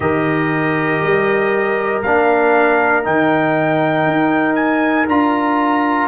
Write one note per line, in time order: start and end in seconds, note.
0.00 1.01 D#3
0.00 2.03 G4
0.00 6.08 A#4
0.00 2.01 D#5
1.01 2.03 G3
2.02 3.06 A#3
2.02 3.03 D4
2.02 3.04 F5
3.03 4.06 D#3
3.03 5.06 D#4
3.03 4.55 G5
4.06 5.07 D#4
4.55 5.06 G#5
5.07 6.08 D4
5.07 6.08 F4
5.07 6.08 A#5